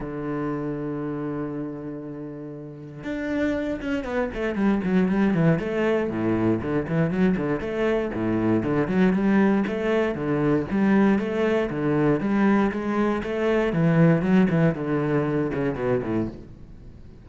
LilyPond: \new Staff \with { instrumentName = "cello" } { \time 4/4 \tempo 4 = 118 d1~ | d2 d'4. cis'8 | b8 a8 g8 fis8 g8 e8 a4 | a,4 d8 e8 fis8 d8 a4 |
a,4 d8 fis8 g4 a4 | d4 g4 a4 d4 | g4 gis4 a4 e4 | fis8 e8 d4. cis8 b,8 a,8 | }